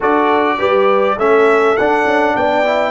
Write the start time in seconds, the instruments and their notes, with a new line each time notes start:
0.00 tuba D4, trombone F#4, horn A4, trumpet D5
0.58 tuba G3, trombone G4, horn B4
1.17 tuba A3, trombone C#4, horn A4, trumpet E5
1.77 tuba D4, trombone D4, trumpet F#5
2.05 tuba C#4
2.35 tuba B3, horn D5, trumpet G5
2.65 trombone E4